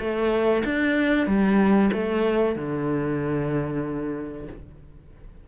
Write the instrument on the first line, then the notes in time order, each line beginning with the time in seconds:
cello
0.00 A3
0.65 D4
1.27 G3
1.93 A3
2.56 D3